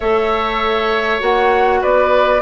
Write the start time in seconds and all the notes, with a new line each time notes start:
0.00 A3 A4 C#5 E5
1.19 A#3 F#4 F#5
1.81 B3 B4 D5